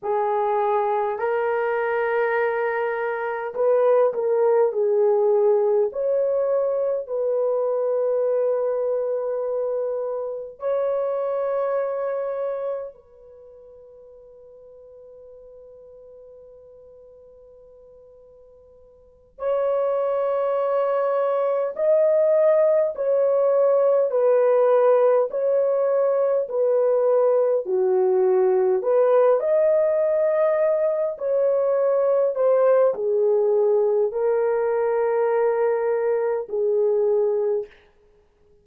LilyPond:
\new Staff \with { instrumentName = "horn" } { \time 4/4 \tempo 4 = 51 gis'4 ais'2 b'8 ais'8 | gis'4 cis''4 b'2~ | b'4 cis''2 b'4~ | b'1~ |
b'8 cis''2 dis''4 cis''8~ | cis''8 b'4 cis''4 b'4 fis'8~ | fis'8 b'8 dis''4. cis''4 c''8 | gis'4 ais'2 gis'4 | }